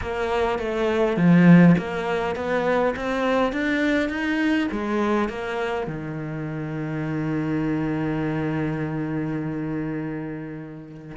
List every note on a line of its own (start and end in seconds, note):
0.01 0.58 A#3
0.58 1.16 A3
1.16 1.75 F3
1.78 2.35 A#3
2.35 2.94 B3
2.95 3.52 C4
3.52 4.09 D4
4.09 4.68 D#4
4.71 5.29 G#3
5.29 5.87 A#3
5.87 11.16 D#3